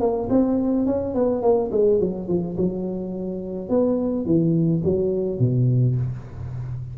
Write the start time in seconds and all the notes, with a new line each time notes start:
0.00 A#3
0.30 C4
0.86 C#4
1.15 B3
1.42 A#3
1.72 G#3
2.00 F#3
2.28 F3
2.58 F#3
3.69 B3
4.26 E3
4.84 F#3
5.39 B2